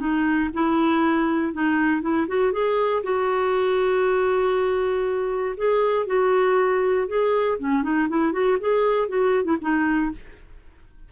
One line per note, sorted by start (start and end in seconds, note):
0.00 0.50 D#4
0.54 1.53 E4
1.53 2.02 D#4
2.02 2.27 E4
2.28 2.52 F#4
2.52 3.03 G#4
3.03 5.55 F#4
5.57 6.07 G#4
6.07 7.07 F#4
7.08 7.58 G#4
7.59 7.83 C#4
7.83 8.08 D#4
8.09 8.33 E4
8.33 8.58 F#4
8.60 9.08 G#4
9.08 9.44 F#4
9.44 9.57 E4
9.61 10.12 D#4